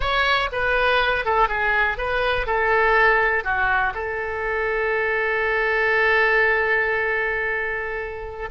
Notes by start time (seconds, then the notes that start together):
0.00 C#5
0.51 B4
1.25 A4
1.48 G#4
1.97 B4
2.46 A4
3.43 F#4
3.94 A4